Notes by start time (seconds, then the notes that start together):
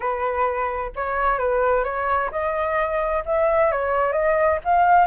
0.00 B4
0.95 C#5
1.38 B4
1.83 C#5
2.31 D#5
3.25 E5
3.71 C#5
4.12 D#5
4.64 F5